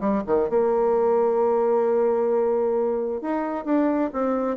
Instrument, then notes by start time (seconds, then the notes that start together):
bassoon
0.00 G3
0.26 D#3
0.49 A#3
3.21 D#4
3.65 D4
4.13 C4